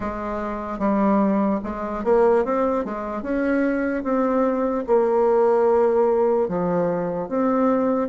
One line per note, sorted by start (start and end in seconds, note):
0.00 0.79 G#3
0.79 1.60 G3
1.63 2.04 G#3
2.04 2.44 A#3
2.44 2.84 C4
2.84 3.22 G#3
3.22 4.03 C#4
4.03 4.84 C4
4.86 6.48 A#3
6.48 7.28 F3
7.28 8.09 C4